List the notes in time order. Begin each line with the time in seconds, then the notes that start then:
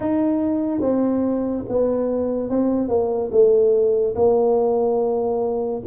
0.00 D#4
0.80 C4
1.68 B3
2.49 C4
2.88 A#3
3.31 A3
4.15 A#3